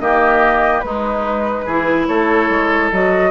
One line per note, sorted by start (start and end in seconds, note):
0.00 0.83 D#3
0.00 0.85 A#3
0.00 0.86 G4
0.00 0.81 D#5
0.81 1.66 G#3
0.81 1.69 G#3
0.81 1.66 D#4
0.81 2.06 B4
1.66 2.08 E3
1.66 2.93 E4
1.66 2.07 G#4
2.07 2.50 A3
2.07 3.31 A4
2.07 2.91 C#5
2.50 2.92 G#3
2.92 3.31 F#3
2.92 3.31 F#4
2.92 3.31 D#5